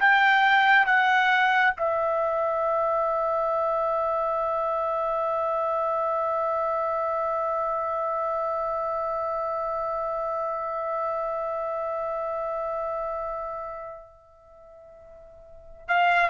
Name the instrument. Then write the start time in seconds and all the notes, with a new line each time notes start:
trumpet
0.00 G5
0.86 F#5
1.77 E5
15.89 F5